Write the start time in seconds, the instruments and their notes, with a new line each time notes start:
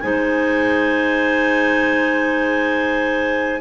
0.00 double bass G#3, clarinet D#4 C5 G#5